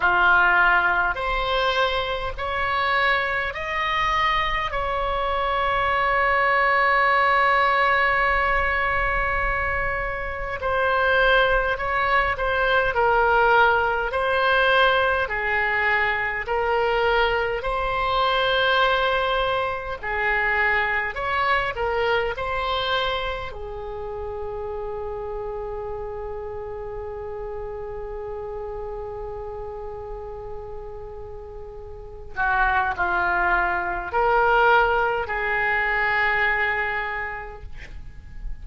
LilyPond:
\new Staff \with { instrumentName = "oboe" } { \time 4/4 \tempo 4 = 51 f'4 c''4 cis''4 dis''4 | cis''1~ | cis''4 c''4 cis''8 c''8 ais'4 | c''4 gis'4 ais'4 c''4~ |
c''4 gis'4 cis''8 ais'8 c''4 | gis'1~ | gis'2.~ gis'8 fis'8 | f'4 ais'4 gis'2 | }